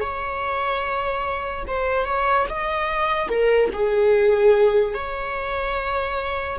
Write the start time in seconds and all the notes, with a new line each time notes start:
0.00 C#5
1.67 C5
2.05 C#5
2.49 D#5
3.28 A#4
3.73 G#4
4.94 C#5